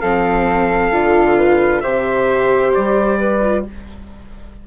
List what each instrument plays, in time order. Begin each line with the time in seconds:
0.00 bassoon F3, viola C4, flute A4, trumpet F5
0.91 bassoon D3, viola F4
1.36 flute B4
1.81 bassoon C3, viola G4, flute C5, trumpet E5
2.74 bassoon G3, trumpet D5
3.19 flute B4
3.41 viola F4